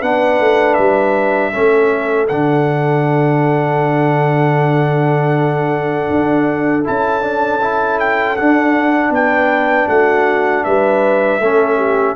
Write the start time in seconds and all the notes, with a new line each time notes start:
0.00 B3 D4 B4 F#5
0.40 A3
0.75 G3 E5
1.52 A3 C#4 A4
2.29 D3 D4 F#5
6.10 D4
6.85 C#4 E4 A5
7.22 D4
7.62 E4
8.00 G5
8.37 D4 F#5
9.10 B3 B4 G5
9.89 A3 F#4 F#5
10.65 G3 B4 E5
11.40 A3 C#4 A4
11.77 G4